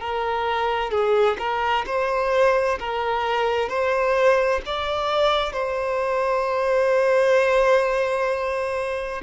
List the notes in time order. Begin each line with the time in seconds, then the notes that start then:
0.00 A#4
0.91 G#4
1.38 A#4
1.86 C5
2.79 A#4
3.68 C5
4.65 D5
5.52 C5